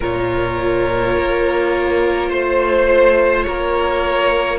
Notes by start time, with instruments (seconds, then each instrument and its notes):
0.00 cello A#2, viola F4, violin A#4 C#5
1.17 cello A#3
2.29 cello A3, violin C5
3.43 cello A#3, violin A#4 C#5